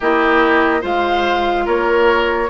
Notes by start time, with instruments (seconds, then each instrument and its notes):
0.00 bassoon A#3, clarinet E4, oboe G4, flute D#5
0.81 bassoon G#3, clarinet F4, oboe C5, flute F5
1.65 bassoon A#3, oboe A#4, flute C#5